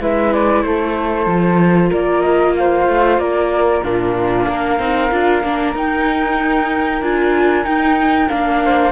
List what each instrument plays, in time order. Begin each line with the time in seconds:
0.00 cello G#3, viola E4, flute B4 E5
0.33 flute D5
0.63 cello A3, flute A4 C5
1.26 cello F3, viola F4
1.89 cello A#3, flute A#4 D5
2.22 flute D#5
2.56 flute C5 F5
2.88 cello A3
3.18 cello A#3, flute A#4 D5
3.83 cello A#2, viola D4, flute F4 A#4
4.44 cello A#3, flute A#4 F5
4.79 cello C4, viola D#4
5.11 cello D4, viola F4
5.43 cello A#3, viola D4
5.74 cello D#4, viola D#4, flute G5
7.02 cello D4, viola F4, flute G#5
7.64 viola D#4, cello D#4, flute G5
8.29 cello A#3, viola D4, flute F5
8.65 flute C5